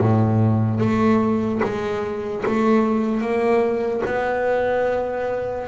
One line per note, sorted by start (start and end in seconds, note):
0.00 0.80 A2
0.80 1.61 A3
1.63 2.44 G#3
2.46 3.21 A3
3.21 4.02 A#3
4.06 5.68 B3